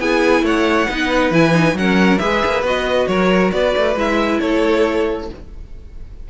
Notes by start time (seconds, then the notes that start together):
0.00 B3 E4 G#4 G#5
0.43 A3 C#5 F#5
0.89 B3 D#4 B4
1.31 E3 E4 G#5
1.52 D#4
1.74 F#3 C#4 A#4 F#5
2.19 G#3 G#4 B4 E5
2.46 A#3
2.63 B3 F#4 D#5
3.07 F#3 A#4 C#5
3.53 B3 B4 D5
3.77 A3
3.96 G#3 E4 E5
4.41 A3 A4 C#5